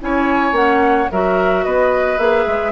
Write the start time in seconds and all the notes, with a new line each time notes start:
0.00 C#4 E4 C#5 G#5
0.51 A#3 C#4 F#5
1.11 F#3 F#4 A#4 E5
1.63 B3 B4 D#5
2.18 A#3 G#4 E5
2.46 G#3